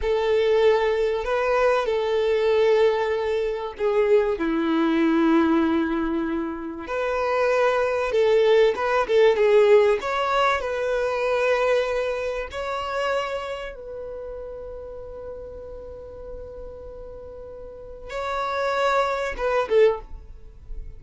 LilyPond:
\new Staff \with { instrumentName = "violin" } { \time 4/4 \tempo 4 = 96 a'2 b'4 a'4~ | a'2 gis'4 e'4~ | e'2. b'4~ | b'4 a'4 b'8 a'8 gis'4 |
cis''4 b'2. | cis''2 b'2~ | b'1~ | b'4 cis''2 b'8 a'8 | }